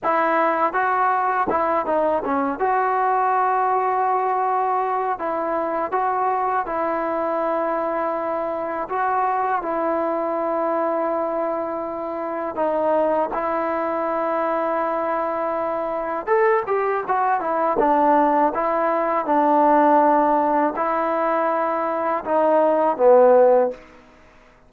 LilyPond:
\new Staff \with { instrumentName = "trombone" } { \time 4/4 \tempo 4 = 81 e'4 fis'4 e'8 dis'8 cis'8 fis'8~ | fis'2. e'4 | fis'4 e'2. | fis'4 e'2.~ |
e'4 dis'4 e'2~ | e'2 a'8 g'8 fis'8 e'8 | d'4 e'4 d'2 | e'2 dis'4 b4 | }